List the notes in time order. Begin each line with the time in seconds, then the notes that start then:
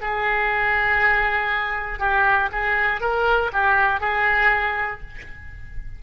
0.00 G#4
1.99 G4
2.52 G#4
3.00 A#4
3.52 G4
4.00 G#4